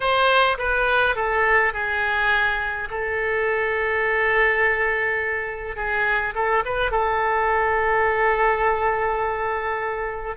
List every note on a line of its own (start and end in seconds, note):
0.00 0.57 C5
0.57 1.15 B4
1.15 1.73 A4
1.73 2.88 G#4
2.90 5.76 A4
5.76 6.33 G#4
6.34 6.63 A4
6.65 6.91 B4
6.91 10.36 A4